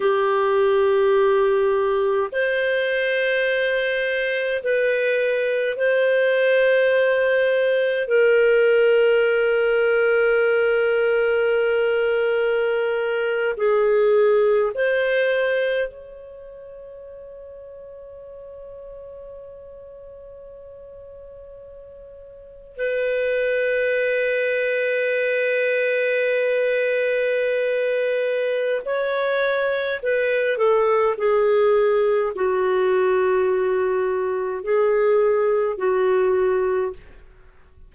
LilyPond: \new Staff \with { instrumentName = "clarinet" } { \time 4/4 \tempo 4 = 52 g'2 c''2 | b'4 c''2 ais'4~ | ais'2.~ ais'8. gis'16~ | gis'8. c''4 cis''2~ cis''16~ |
cis''2.~ cis''8. b'16~ | b'1~ | b'4 cis''4 b'8 a'8 gis'4 | fis'2 gis'4 fis'4 | }